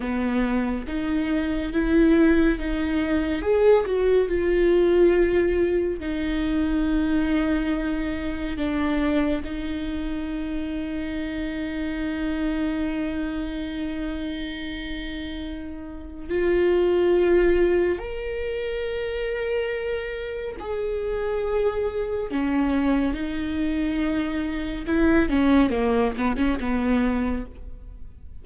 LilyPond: \new Staff \with { instrumentName = "viola" } { \time 4/4 \tempo 4 = 70 b4 dis'4 e'4 dis'4 | gis'8 fis'8 f'2 dis'4~ | dis'2 d'4 dis'4~ | dis'1~ |
dis'2. f'4~ | f'4 ais'2. | gis'2 cis'4 dis'4~ | dis'4 e'8 cis'8 ais8 b16 cis'16 b4 | }